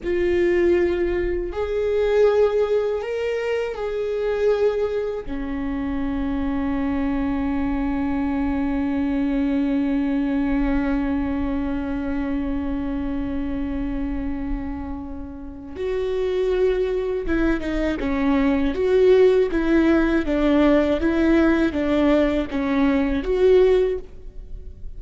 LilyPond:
\new Staff \with { instrumentName = "viola" } { \time 4/4 \tempo 4 = 80 f'2 gis'2 | ais'4 gis'2 cis'4~ | cis'1~ | cis'1~ |
cis'1~ | cis'4 fis'2 e'8 dis'8 | cis'4 fis'4 e'4 d'4 | e'4 d'4 cis'4 fis'4 | }